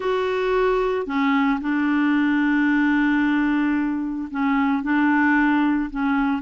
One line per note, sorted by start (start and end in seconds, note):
0.00 1.06 F#4
1.06 1.59 C#4
1.60 4.28 D4
4.30 4.82 C#4
4.82 5.90 D4
5.90 6.42 C#4